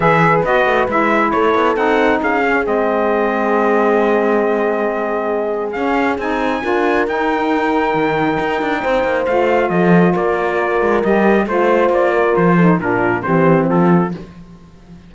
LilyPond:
<<
  \new Staff \with { instrumentName = "trumpet" } { \time 4/4 \tempo 4 = 136 e''4 dis''4 e''4 cis''4 | fis''4 f''4 dis''2~ | dis''1~ | dis''4 f''4 gis''2 |
g''1~ | g''4 f''4 dis''4 d''4~ | d''4 dis''4 c''4 d''4 | c''4 ais'4 c''4 a'4 | }
  \new Staff \with { instrumentName = "horn" } { \time 4/4 b'2. a'4~ | a'4 gis'2.~ | gis'1~ | gis'2. ais'4~ |
ais'1 | c''2 a'4 ais'4~ | ais'2 c''4. ais'8~ | ais'8 a'8 f'4 g'4 f'4 | }
  \new Staff \with { instrumentName = "saxophone" } { \time 4/4 gis'4 fis'4 e'2 | dis'4. cis'8 c'2~ | c'1~ | c'4 cis'4 dis'4 f'4 |
dis'1~ | dis'4 f'2.~ | f'4 g'4 f'2~ | f'8 dis'8 d'4 c'2 | }
  \new Staff \with { instrumentName = "cello" } { \time 4/4 e4 b8 a8 gis4 a8 b8 | c'4 cis'4 gis2~ | gis1~ | gis4 cis'4 c'4 d'4 |
dis'2 dis4 dis'8 d'8 | c'8 ais8 a4 f4 ais4~ | ais8 gis8 g4 a4 ais4 | f4 ais,4 e4 f4 | }
>>